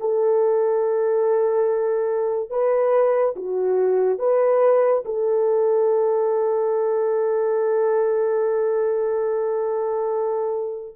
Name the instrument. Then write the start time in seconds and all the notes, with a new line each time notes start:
horn
0.00 A4
2.50 B4
3.36 F#4
4.19 B4
5.06 A4